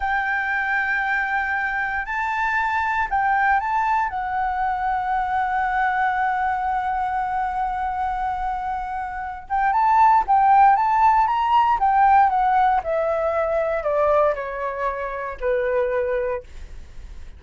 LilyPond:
\new Staff \with { instrumentName = "flute" } { \time 4/4 \tempo 4 = 117 g''1 | a''2 g''4 a''4 | fis''1~ | fis''1~ |
fis''2~ fis''8 g''8 a''4 | g''4 a''4 ais''4 g''4 | fis''4 e''2 d''4 | cis''2 b'2 | }